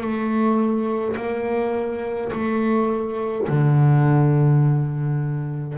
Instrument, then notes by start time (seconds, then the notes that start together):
double bass
0.00 A3
1.16 A#3
2.32 A3
3.48 D3